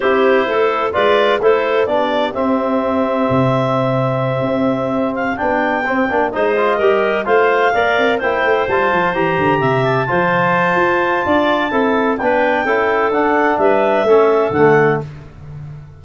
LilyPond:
<<
  \new Staff \with { instrumentName = "clarinet" } { \time 4/4 \tempo 4 = 128 c''2 d''4 c''4 | d''4 e''2.~ | e''2. f''8 g''8~ | g''4. dis''2 f''8~ |
f''4. g''4 a''4 ais''8~ | ais''4 a''2.~ | a''2 g''2 | fis''4 e''2 fis''4 | }
  \new Staff \with { instrumentName = "clarinet" } { \time 4/4 g'4 a'4 b'4 a'4 | g'1~ | g'1~ | g'4. c''4 ais'4 c''8~ |
c''8 d''4 c''2~ c''8~ | c''8 e''4 c''2~ c''8 | d''4 a'4 b'4 a'4~ | a'4 b'4 a'2 | }
  \new Staff \with { instrumentName = "trombone" } { \time 4/4 e'2 f'4 e'4 | d'4 c'2.~ | c'2.~ c'8 d'8~ | d'8 c'8 d'8 dis'8 f'8 g'4 f'8~ |
f'8 ais'4 e'4 f'4 g'8~ | g'4. f'2~ f'8~ | f'4 e'4 d'4 e'4 | d'2 cis'4 a4 | }
  \new Staff \with { instrumentName = "tuba" } { \time 4/4 c'4 a4 gis4 a4 | b4 c'2 c4~ | c4. c'2 b8~ | b8 c'8 ais8 gis4 g4 a8~ |
a8 ais8 c'8 ais8 a8 g8 f8 e8 | d8 c4 f4. f'4 | d'4 c'4 b4 cis'4 | d'4 g4 a4 d4 | }
>>